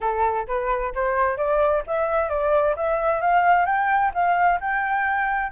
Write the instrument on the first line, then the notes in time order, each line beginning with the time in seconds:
flute
0.01 A4
0.47 B4
0.95 C5
1.37 D5
1.86 E5
2.29 D5
2.75 E5
3.21 F5
3.65 G5
4.13 F5
4.60 G5